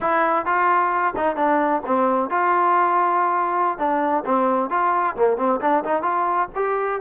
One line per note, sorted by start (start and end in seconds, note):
0.00 0.45 E4
0.45 1.14 F4
1.16 1.36 D#4
1.36 1.82 D4
1.86 2.29 C4
2.29 3.78 F4
3.78 4.24 D4
4.25 4.69 C4
4.69 5.15 F4
5.15 5.37 A#3
5.37 5.60 C4
5.61 5.84 D4
5.84 6.02 D#4
6.02 6.48 F4
6.55 7.01 G4